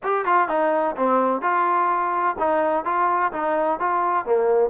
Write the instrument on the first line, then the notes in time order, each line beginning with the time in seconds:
trombone
0.03 G4
0.25 F4
0.48 D#4
0.96 C4
1.41 F4
2.39 D#4
2.84 F4
3.32 D#4
3.79 F4
4.25 A#3